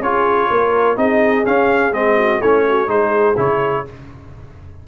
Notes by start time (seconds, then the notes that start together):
0.00 C#4 F4 G#4 C#5
0.50 A#3 A#4
0.96 C4 D#4 G#4 D#5
1.44 C#4 F5
1.92 G#3 C4 D#5
2.17 F#4
2.40 A3 C#4 E4 C#5
2.68 F#4
2.87 G#3 D#4 G#4 C5
3.37 C#3 E4 C#5